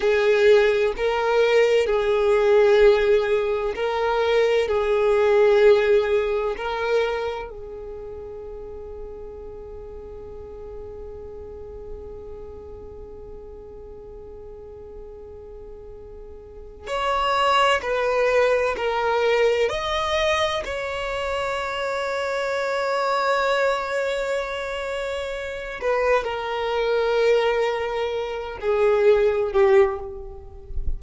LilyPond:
\new Staff \with { instrumentName = "violin" } { \time 4/4 \tempo 4 = 64 gis'4 ais'4 gis'2 | ais'4 gis'2 ais'4 | gis'1~ | gis'1~ |
gis'2 cis''4 b'4 | ais'4 dis''4 cis''2~ | cis''2.~ cis''8 b'8 | ais'2~ ais'8 gis'4 g'8 | }